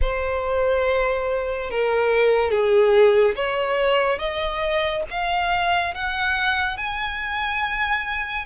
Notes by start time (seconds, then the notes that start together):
0.01 C5
1.70 A#4
2.50 G#4
3.35 C#5
4.18 D#5
5.10 F5
5.94 F#5
6.77 G#5